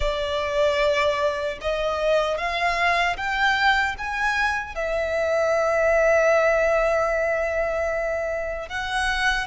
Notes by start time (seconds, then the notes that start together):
0.00 D5
1.61 D#5
2.37 F5
3.17 G5
3.98 G#5
4.75 E5
8.68 F#5